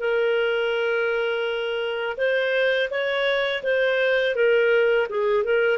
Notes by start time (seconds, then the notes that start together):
0.00 A#4
2.17 C5
2.90 C#5
3.63 C5
4.36 A#4
5.09 G#4
5.44 A#4